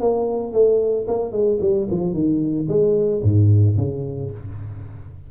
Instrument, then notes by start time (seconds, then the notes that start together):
tuba
0.00 A#3
0.53 A3
1.07 A#3
1.32 G#3
1.61 G3
1.91 F3
2.14 D#3
2.68 G#3
3.23 G#2
3.77 C#3